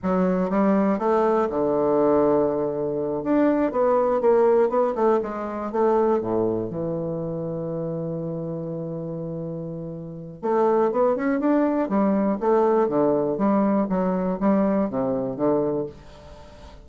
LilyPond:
\new Staff \with { instrumentName = "bassoon" } { \time 4/4 \tempo 4 = 121 fis4 g4 a4 d4~ | d2~ d8 d'4 b8~ | b8 ais4 b8 a8 gis4 a8~ | a8 a,4 e2~ e8~ |
e1~ | e4 a4 b8 cis'8 d'4 | g4 a4 d4 g4 | fis4 g4 c4 d4 | }